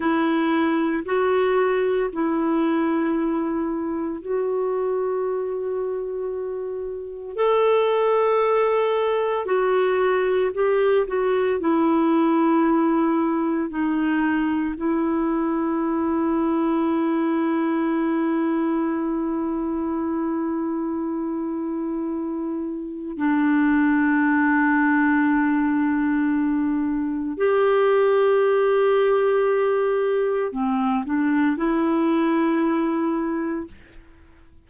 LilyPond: \new Staff \with { instrumentName = "clarinet" } { \time 4/4 \tempo 4 = 57 e'4 fis'4 e'2 | fis'2. a'4~ | a'4 fis'4 g'8 fis'8 e'4~ | e'4 dis'4 e'2~ |
e'1~ | e'2 d'2~ | d'2 g'2~ | g'4 c'8 d'8 e'2 | }